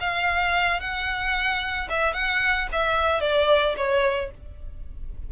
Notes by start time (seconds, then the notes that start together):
0.00 F5
0.80 F#5
1.89 E5
2.13 F#5
2.72 E5
3.20 D5
3.77 C#5